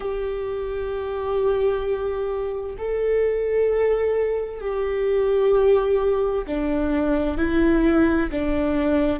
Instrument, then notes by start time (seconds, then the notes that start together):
viola
0.00 G4
2.77 A4
4.61 G4
6.46 D4
7.37 E4
8.31 D4